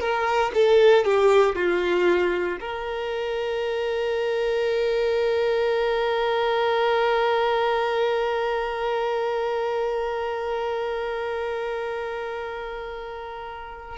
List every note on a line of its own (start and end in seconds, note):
0.00 0.52 A#4
0.54 1.04 A4
1.04 1.55 G4
1.55 2.59 F4
2.60 13.97 A#4